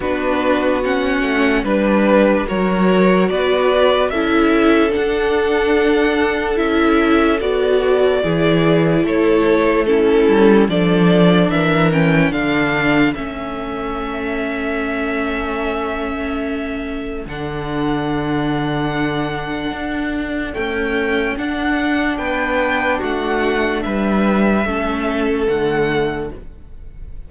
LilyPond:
<<
  \new Staff \with { instrumentName = "violin" } { \time 4/4 \tempo 4 = 73 b'4 fis''4 b'4 cis''4 | d''4 e''4 fis''2 | e''4 d''2 cis''4 | a'4 d''4 e''8 g''8 f''4 |
e''1~ | e''4 fis''2.~ | fis''4 g''4 fis''4 g''4 | fis''4 e''2 fis''4 | }
  \new Staff \with { instrumentName = "violin" } { \time 4/4 fis'2 b'4 ais'4 | b'4 a'2.~ | a'2 gis'4 a'4 | e'4 a'4 ais'4 a'4~ |
a'1~ | a'1~ | a'2. b'4 | fis'4 b'4 a'2 | }
  \new Staff \with { instrumentName = "viola" } { \time 4/4 d'4 cis'4 d'4 fis'4~ | fis'4 e'4 d'2 | e'4 fis'4 e'2 | cis'4 d'4. cis'8 d'4 |
cis'1~ | cis'4 d'2.~ | d'4 a4 d'2~ | d'2 cis'4 a4 | }
  \new Staff \with { instrumentName = "cello" } { \time 4/4 b4. a8 g4 fis4 | b4 cis'4 d'2 | cis'4 b4 e4 a4~ | a8 g8 f4 e4 d4 |
a1~ | a4 d2. | d'4 cis'4 d'4 b4 | a4 g4 a4 d4 | }
>>